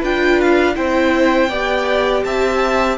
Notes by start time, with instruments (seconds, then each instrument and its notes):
0.00 cello D4, viola F4, violin B4 G5
0.41 violin F5
0.74 cello C4, viola E4, violin C5 G5
1.49 cello B3, viola G4, violin D5
2.23 cello C4, violin E5 A5